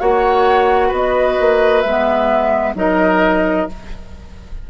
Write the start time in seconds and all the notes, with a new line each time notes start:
0.00 A#3 F#4 C#5 F#5
0.88 B3 B4 D#5
1.40 A#3
1.82 G#3 E5
1.88 B3
2.75 F#3 D#4 A#4 D#5